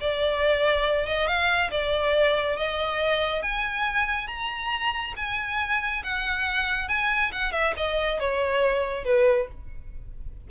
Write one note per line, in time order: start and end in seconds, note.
0.00 1.06 D5
1.06 1.27 D#5
1.27 1.70 F5
1.71 2.56 D5
2.56 3.42 D#5
3.42 4.27 G#5
4.27 5.13 A#5
5.16 6.03 G#5
6.03 6.88 F#5
6.88 7.31 G#5
7.32 7.52 F#5
7.52 7.73 E5
7.77 8.19 D#5
8.19 9.04 C#5
9.04 9.47 B4